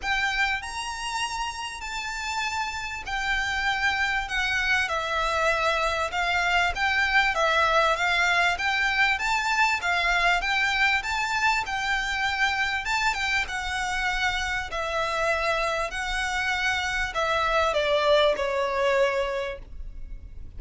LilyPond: \new Staff \with { instrumentName = "violin" } { \time 4/4 \tempo 4 = 98 g''4 ais''2 a''4~ | a''4 g''2 fis''4 | e''2 f''4 g''4 | e''4 f''4 g''4 a''4 |
f''4 g''4 a''4 g''4~ | g''4 a''8 g''8 fis''2 | e''2 fis''2 | e''4 d''4 cis''2 | }